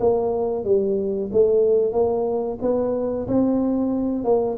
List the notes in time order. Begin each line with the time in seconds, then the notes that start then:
0.00 A#3
0.64 G3
1.32 A3
1.92 A#3
2.61 B3
3.27 C4
4.24 A#3